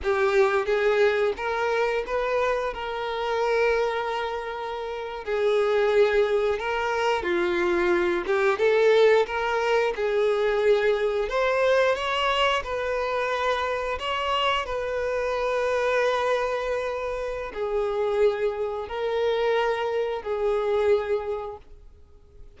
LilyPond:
\new Staff \with { instrumentName = "violin" } { \time 4/4 \tempo 4 = 89 g'4 gis'4 ais'4 b'4 | ais'2.~ ais'8. gis'16~ | gis'4.~ gis'16 ais'4 f'4~ f'16~ | f'16 g'8 a'4 ais'4 gis'4~ gis'16~ |
gis'8. c''4 cis''4 b'4~ b'16~ | b'8. cis''4 b'2~ b'16~ | b'2 gis'2 | ais'2 gis'2 | }